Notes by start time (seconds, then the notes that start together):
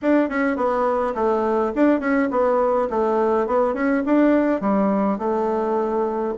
0.02 D4
0.29 C#4
0.56 B3
1.14 A3
1.75 D4
2.00 C#4
2.31 B3
2.90 A3
3.46 B3
3.74 C#4
4.05 D4
4.60 G3
5.18 A3